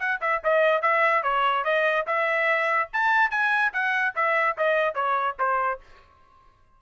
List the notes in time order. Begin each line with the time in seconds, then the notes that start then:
0.00 F#5
0.21 E5
0.44 D#5
0.83 E5
1.24 C#5
1.65 D#5
2.07 E5
2.93 A5
3.31 G#5
3.74 F#5
4.16 E5
4.58 D#5
4.95 C#5
5.39 C5